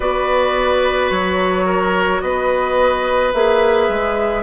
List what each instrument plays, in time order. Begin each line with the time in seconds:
0.00 bassoon B3, clarinet F#4, oboe B4, flute D5
1.10 bassoon F#3, flute C#5
1.65 oboe A#4
2.21 bassoon B3, oboe B4, flute D#5
3.33 bassoon A#3, clarinet G#4, flute E5
3.88 bassoon G#3